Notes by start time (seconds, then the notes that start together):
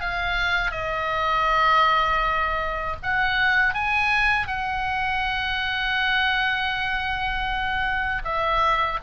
0.00 F5
0.71 D#5
3.02 F#5
3.74 G#5
4.47 F#5
8.24 E5